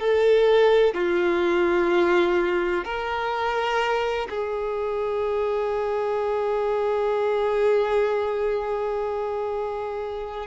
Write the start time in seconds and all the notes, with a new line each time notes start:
0.00 A4
0.94 F4
2.85 A#4
4.30 G#4